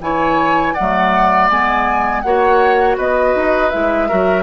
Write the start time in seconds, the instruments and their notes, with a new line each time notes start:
0.00 bassoon E3, clarinet E4, oboe C#5, flute G#5
0.74 bassoon F#3, clarinet A3, oboe D5, flute F#5
1.50 bassoon G#3, clarinet B3, flute G#5
2.22 bassoon A#3, clarinet F#4, oboe C#5, flute F#5
2.97 bassoon B3, oboe B4, flute D#5
3.35 bassoon D#4
3.70 bassoon G#3, clarinet E4, flute E5
4.09 bassoon F#3, clarinet F#4, oboe A#4